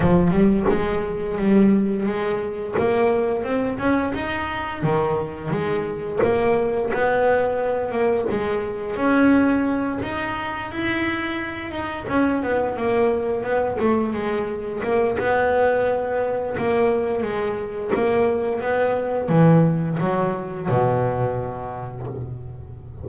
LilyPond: \new Staff \with { instrumentName = "double bass" } { \time 4/4 \tempo 4 = 87 f8 g8 gis4 g4 gis4 | ais4 c'8 cis'8 dis'4 dis4 | gis4 ais4 b4. ais8 | gis4 cis'4. dis'4 e'8~ |
e'4 dis'8 cis'8 b8 ais4 b8 | a8 gis4 ais8 b2 | ais4 gis4 ais4 b4 | e4 fis4 b,2 | }